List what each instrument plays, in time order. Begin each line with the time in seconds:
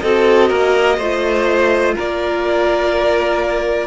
0.00 cello C4, viola F#4, violin A4 D#5
0.49 cello A#3, violin A#4
0.98 cello A3, viola F4, violin C5
1.96 cello A#3, violin A#4 D5